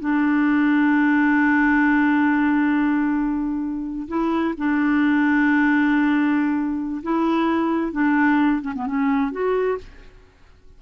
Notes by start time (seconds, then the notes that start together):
0.00 D4
4.08 E4
4.58 D4
7.03 E4
7.92 D4
8.62 C#4
8.75 B3
8.86 C#4
9.31 F#4